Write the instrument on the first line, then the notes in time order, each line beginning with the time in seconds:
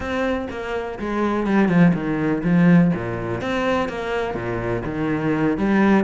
cello
0.00 C4
0.50 A#3
0.99 G#3
1.46 G3
1.68 F3
1.94 D#3
2.43 F3
2.94 A#2
3.41 C4
3.88 A#3
4.34 A#2
4.85 D#3
5.57 G3